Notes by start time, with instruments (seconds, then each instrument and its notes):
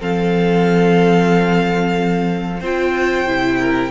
0.00 cello F3, viola C4, violin A4 F5
2.60 cello C4, viola F4, violin C5 G5
3.27 cello C3, viola E4
3.60 violin A#4